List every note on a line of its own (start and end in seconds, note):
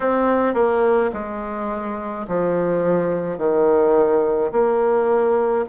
0.00 0.54 C4
0.54 1.10 A#3
1.13 2.26 G#3
2.27 3.38 F3
3.38 4.51 D#3
4.51 5.64 A#3